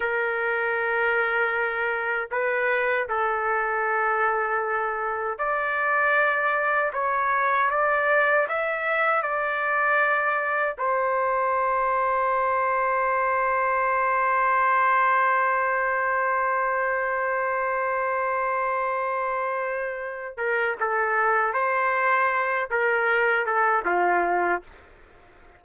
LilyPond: \new Staff \with { instrumentName = "trumpet" } { \time 4/4 \tempo 4 = 78 ais'2. b'4 | a'2. d''4~ | d''4 cis''4 d''4 e''4 | d''2 c''2~ |
c''1~ | c''1~ | c''2~ c''8 ais'8 a'4 | c''4. ais'4 a'8 f'4 | }